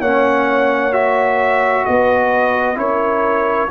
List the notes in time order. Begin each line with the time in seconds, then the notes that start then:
0.00 A#3 C#4 C#5 F#5
0.92 F#4 E5
1.85 B3 B4 D#5
2.76 C#4 E4 A#4 C#5